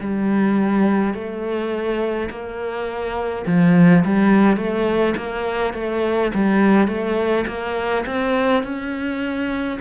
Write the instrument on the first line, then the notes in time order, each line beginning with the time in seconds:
cello
0.00 G3
1.13 A3
2.30 A#3
3.46 F3
4.04 G3
4.56 A3
5.17 A#3
5.73 A3
6.34 G3
6.87 A3
7.47 A#3
8.06 C4
8.63 C#4